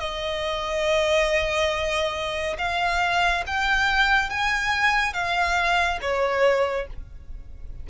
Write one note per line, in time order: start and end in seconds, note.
0.00 2.57 D#5
2.58 3.44 F5
3.47 4.30 G5
4.30 5.14 G#5
5.14 5.99 F5
6.02 6.87 C#5